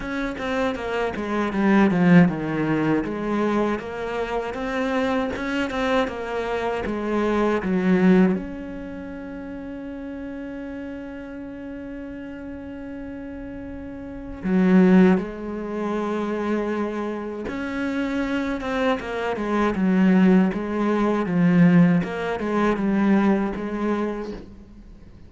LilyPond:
\new Staff \with { instrumentName = "cello" } { \time 4/4 \tempo 4 = 79 cis'8 c'8 ais8 gis8 g8 f8 dis4 | gis4 ais4 c'4 cis'8 c'8 | ais4 gis4 fis4 cis'4~ | cis'1~ |
cis'2. fis4 | gis2. cis'4~ | cis'8 c'8 ais8 gis8 fis4 gis4 | f4 ais8 gis8 g4 gis4 | }